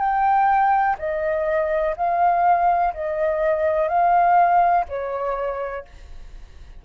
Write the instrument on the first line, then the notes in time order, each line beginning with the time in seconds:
flute
0.00 G5
0.99 D#5
1.97 F5
2.94 D#5
3.88 F5
4.89 C#5